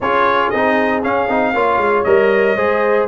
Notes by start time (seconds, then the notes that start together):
0.01 C#4 F4 G#4 C#5
0.50 C4 D#4 D#5
1.02 C#4 F5
1.28 C4 D#4
1.53 A#3 F4 C#5
1.77 G#3
2.03 G3 A#4 D#5
2.56 G#3 G#4 C5